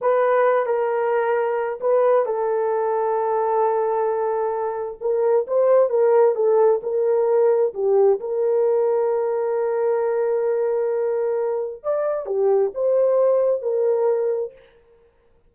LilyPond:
\new Staff \with { instrumentName = "horn" } { \time 4/4 \tempo 4 = 132 b'4. ais'2~ ais'8 | b'4 a'2.~ | a'2. ais'4 | c''4 ais'4 a'4 ais'4~ |
ais'4 g'4 ais'2~ | ais'1~ | ais'2 d''4 g'4 | c''2 ais'2 | }